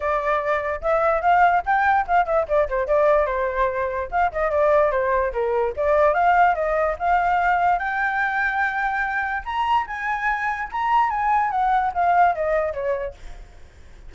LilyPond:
\new Staff \with { instrumentName = "flute" } { \time 4/4 \tempo 4 = 146 d''2 e''4 f''4 | g''4 f''8 e''8 d''8 c''8 d''4 | c''2 f''8 dis''8 d''4 | c''4 ais'4 d''4 f''4 |
dis''4 f''2 g''4~ | g''2. ais''4 | gis''2 ais''4 gis''4 | fis''4 f''4 dis''4 cis''4 | }